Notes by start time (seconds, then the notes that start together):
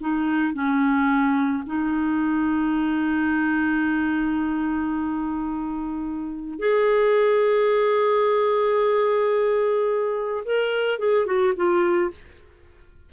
0.00 D#4
0.53 C#4
1.66 D#4
6.58 G#4
10.44 A#4
10.98 G#4
11.25 F#4
11.55 F4